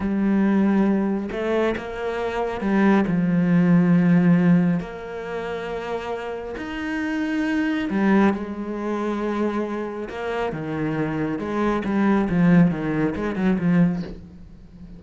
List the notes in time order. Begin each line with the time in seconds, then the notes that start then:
0.00 G3
1.31 A3
1.77 A#3
2.60 G3
3.07 F3
4.80 A#3
6.57 D#4
7.90 G3
8.33 G#3
10.09 A#3
10.52 D#3
11.38 G#3
11.84 G3
12.29 F3
12.70 D#3
13.15 G#3
13.35 F#3
13.58 F3